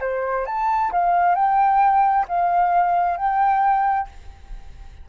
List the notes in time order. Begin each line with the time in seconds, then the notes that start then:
0.00 C5
0.46 A5
0.91 F5
1.35 G5
2.28 F5
3.17 G5